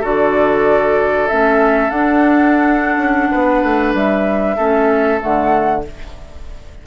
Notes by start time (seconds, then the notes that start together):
0.00 D3 F#4 A4
0.06 D5
1.27 A3 C#4 E5
1.89 D4 F#5
2.97 C#4
3.31 B3 B4
3.63 A3
3.93 G3 E5
4.56 A3 C#4 A4
5.19 D3 A3 F#5